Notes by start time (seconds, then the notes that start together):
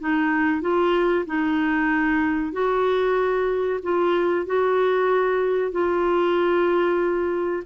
0.00 D#4
0.62 F4
1.26 D#4
2.53 F#4
3.83 F4
4.46 F#4
5.72 F4